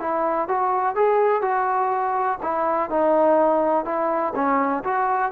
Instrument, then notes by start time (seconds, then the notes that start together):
trombone
0.00 E4
0.48 F#4
0.96 G#4
1.42 F#4
2.43 E4
2.90 D#4
3.85 E4
4.35 C#4
4.84 F#4